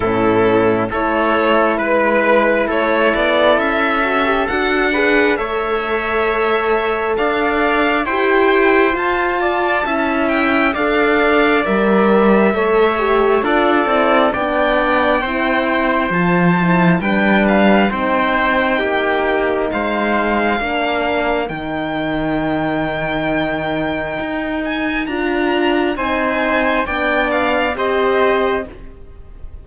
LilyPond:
<<
  \new Staff \with { instrumentName = "violin" } { \time 4/4 \tempo 4 = 67 a'4 cis''4 b'4 cis''8 d''8 | e''4 fis''4 e''2 | f''4 g''4 a''4. g''8 | f''4 e''2 d''4 |
g''2 a''4 g''8 f''8 | g''2 f''2 | g''2.~ g''8 gis''8 | ais''4 gis''4 g''8 f''8 dis''4 | }
  \new Staff \with { instrumentName = "trumpet" } { \time 4/4 e'4 a'4 b'4 a'4~ | a'4. b'8 cis''2 | d''4 c''4. d''8 e''4 | d''2 cis''4 a'4 |
d''4 c''2 b'4 | c''4 g'4 c''4 ais'4~ | ais'1~ | ais'4 c''4 d''4 c''4 | }
  \new Staff \with { instrumentName = "horn" } { \time 4/4 cis'4 e'2.~ | e'8 fis'16 g'16 fis'8 gis'8 a'2~ | a'4 g'4 f'4 e'4 | a'4 ais'4 a'8 g'8 f'8 e'8 |
d'4 e'4 f'8 e'8 d'4 | dis'2. d'4 | dis'1 | f'4 dis'4 d'4 g'4 | }
  \new Staff \with { instrumentName = "cello" } { \time 4/4 a,4 a4 gis4 a8 b8 | cis'4 d'4 a2 | d'4 e'4 f'4 cis'4 | d'4 g4 a4 d'8 c'8 |
b4 c'4 f4 g4 | c'4 ais4 gis4 ais4 | dis2. dis'4 | d'4 c'4 b4 c'4 | }
>>